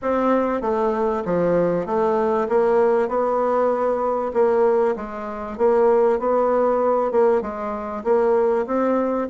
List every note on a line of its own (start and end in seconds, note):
0.02 0.61 C4
0.61 1.23 A3
1.25 1.86 F3
1.86 2.47 A3
2.49 3.08 A#3
3.08 4.32 B3
4.33 4.95 A#3
4.95 5.57 G#3
5.57 6.19 A#3
6.19 7.11 B3
7.11 7.41 A#3
7.41 8.03 G#3
8.04 8.66 A#3
8.66 9.28 C4